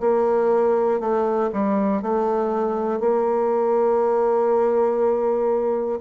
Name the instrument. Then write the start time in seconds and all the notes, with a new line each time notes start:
bassoon
0.00 A#3
1.00 A3
1.53 G3
2.02 A3
3.00 A#3